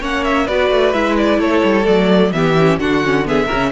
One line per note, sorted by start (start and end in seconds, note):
0.00 0.48 A#3
0.00 0.48 C#4
0.00 0.46 C#5
0.00 0.24 F#5
0.24 0.47 E5
0.46 0.70 B3
0.46 0.94 F#4
0.46 1.39 B4
0.46 0.93 D5
0.70 0.93 A3
0.93 1.39 G#3
0.93 1.83 E4
0.93 1.16 E5
1.17 1.40 D5
1.39 1.62 A3
1.39 2.32 A4
1.39 1.86 C#5
1.63 1.86 G3
1.83 2.32 F#3
1.83 2.30 A3
1.83 2.32 D5
2.32 2.78 E3
2.32 2.57 B3
2.32 2.80 G4
2.32 2.79 E5
2.59 2.80 C#4
2.78 3.48 D3
2.78 3.03 D4
2.78 3.27 F#4
2.78 3.26 F#5
3.04 3.25 C#4
3.25 3.48 B3
3.25 3.46 G#4
3.25 3.71 E5
3.46 3.71 C#3
3.46 3.71 C#4
3.46 3.69 A#4